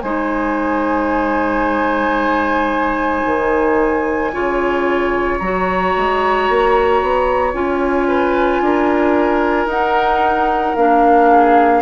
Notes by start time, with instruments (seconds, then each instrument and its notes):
0.00 bassoon G#3, clarinet D#4, oboe C5, flute G#5
3.25 bassoon D#3
4.33 bassoon C#3, clarinet F4, oboe C#5
5.38 bassoon F#3, clarinet F#4, flute A#5
5.97 bassoon G#3
6.49 bassoon A#3
7.02 bassoon B3
7.53 bassoon C#4, clarinet F4, flute G#5
8.08 oboe B4
8.61 bassoon D4, oboe A#4
9.66 bassoon D#4, clarinet D#4, flute F#5
10.75 bassoon A#3, clarinet D4, flute F5
11.31 oboe G#4